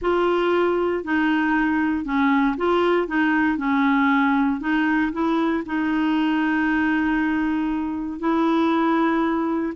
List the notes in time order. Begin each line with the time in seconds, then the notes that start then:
0.01 F4
1.03 D#4
2.04 C#4
2.57 F4
3.07 D#4
3.57 C#4
4.60 D#4
5.12 E4
5.65 D#4
8.19 E4